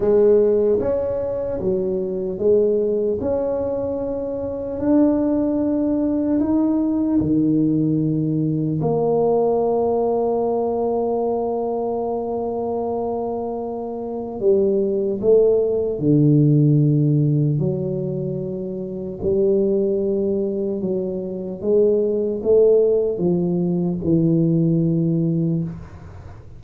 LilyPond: \new Staff \with { instrumentName = "tuba" } { \time 4/4 \tempo 4 = 75 gis4 cis'4 fis4 gis4 | cis'2 d'2 | dis'4 dis2 ais4~ | ais1~ |
ais2 g4 a4 | d2 fis2 | g2 fis4 gis4 | a4 f4 e2 | }